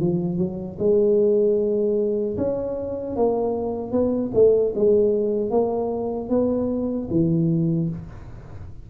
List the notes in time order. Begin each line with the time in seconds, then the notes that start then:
0.00 F3
0.38 F#3
0.79 G#3
2.37 C#4
3.16 A#3
3.92 B3
4.34 A3
4.75 G#3
5.50 A#3
6.29 B3
7.11 E3